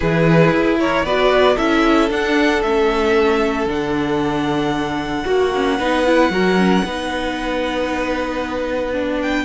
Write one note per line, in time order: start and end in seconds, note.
0.00 0.51 E3
0.00 1.06 E4
0.00 0.77 G#4
0.00 0.77 B4
0.51 1.03 E4
0.79 1.05 A#4
0.79 1.05 C#5
1.03 1.56 B3
1.03 1.57 F#4
1.03 1.55 B4
1.03 1.57 D5
1.55 2.10 C#4
1.55 2.10 E4
1.55 5.23 A4
1.55 2.09 E5
2.10 2.62 D4
2.10 2.62 F#5
2.62 3.66 A3
2.62 3.67 C#4
2.62 3.67 E5
3.66 5.24 D3
3.66 5.25 D4
3.66 9.21 F#5
5.25 5.79 A#3
5.25 5.77 F#4
5.25 5.51 F#4
5.54 5.79 C#4
5.79 6.29 B3
5.79 6.05 D#4
5.79 6.31 B4
6.05 6.31 E4
6.29 6.82 F#3
6.29 6.57 F#4
6.29 6.84 A#4
6.57 6.83 C#4
6.84 9.44 B3
6.84 8.93 D#4
6.84 9.44 B4
8.93 9.44 D4
9.21 9.44 G5